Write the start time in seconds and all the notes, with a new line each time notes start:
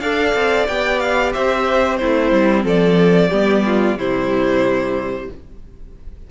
0.00 D4 A4 D5 F5
0.34 C4
0.67 B3 G4 G5
0.99 F5
1.33 C4 C5 E5
1.96 C4 E4 C5
2.02 A3
2.31 G3
2.64 F3 A4 D5
3.30 G3 B3 G4
3.65 F4
3.96 C3 G3 E4 C5